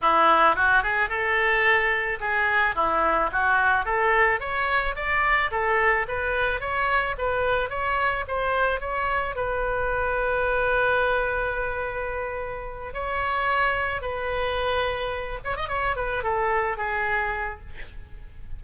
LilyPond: \new Staff \with { instrumentName = "oboe" } { \time 4/4 \tempo 4 = 109 e'4 fis'8 gis'8 a'2 | gis'4 e'4 fis'4 a'4 | cis''4 d''4 a'4 b'4 | cis''4 b'4 cis''4 c''4 |
cis''4 b'2.~ | b'2.~ b'8 cis''8~ | cis''4. b'2~ b'8 | cis''16 dis''16 cis''8 b'8 a'4 gis'4. | }